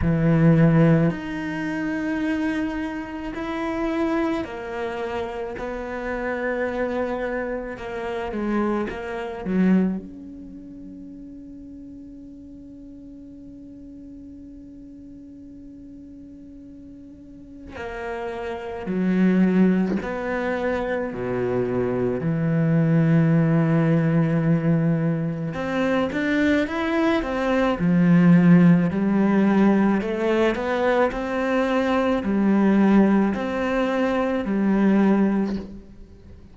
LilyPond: \new Staff \with { instrumentName = "cello" } { \time 4/4 \tempo 4 = 54 e4 dis'2 e'4 | ais4 b2 ais8 gis8 | ais8 fis8 cis'2.~ | cis'1 |
ais4 fis4 b4 b,4 | e2. c'8 d'8 | e'8 c'8 f4 g4 a8 b8 | c'4 g4 c'4 g4 | }